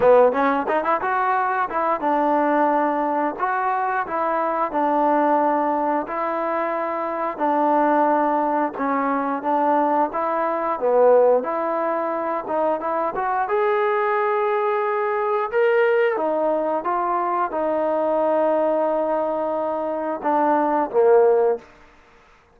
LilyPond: \new Staff \with { instrumentName = "trombone" } { \time 4/4 \tempo 4 = 89 b8 cis'8 dis'16 e'16 fis'4 e'8 d'4~ | d'4 fis'4 e'4 d'4~ | d'4 e'2 d'4~ | d'4 cis'4 d'4 e'4 |
b4 e'4. dis'8 e'8 fis'8 | gis'2. ais'4 | dis'4 f'4 dis'2~ | dis'2 d'4 ais4 | }